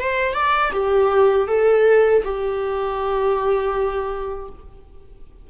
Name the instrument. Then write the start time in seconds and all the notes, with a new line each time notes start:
viola
0.00 C5
0.34 D5
0.73 G4
1.48 A4
2.24 G4